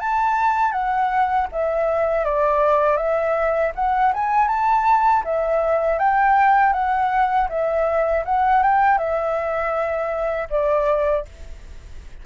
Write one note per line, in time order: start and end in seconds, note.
0.00 0.72 A5
0.72 1.47 F#5
1.52 2.25 E5
2.25 2.97 D5
2.97 3.72 E5
3.75 4.12 F#5
4.14 4.48 G#5
4.48 5.23 A5
5.24 5.99 E5
5.99 6.73 G5
6.73 7.48 F#5
7.49 8.24 E5
8.25 8.62 F#5
8.63 8.98 G5
8.98 10.48 E5
10.50 11.25 D5